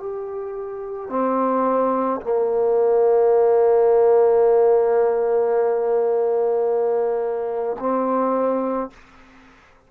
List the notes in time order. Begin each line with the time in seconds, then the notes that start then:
0.00 G4
1.10 C4
2.21 A#3
7.79 C4